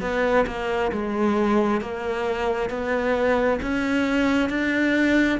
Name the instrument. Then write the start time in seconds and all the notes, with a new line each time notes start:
cello
0.00 B3
0.46 A#3
0.92 G#3
1.81 A#3
2.69 B3
3.62 C#4
4.49 D4